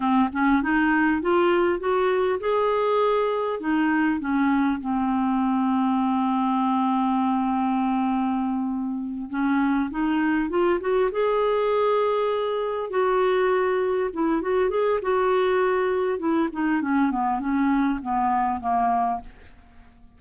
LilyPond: \new Staff \with { instrumentName = "clarinet" } { \time 4/4 \tempo 4 = 100 c'8 cis'8 dis'4 f'4 fis'4 | gis'2 dis'4 cis'4 | c'1~ | c'2.~ c'8 cis'8~ |
cis'8 dis'4 f'8 fis'8 gis'4.~ | gis'4. fis'2 e'8 | fis'8 gis'8 fis'2 e'8 dis'8 | cis'8 b8 cis'4 b4 ais4 | }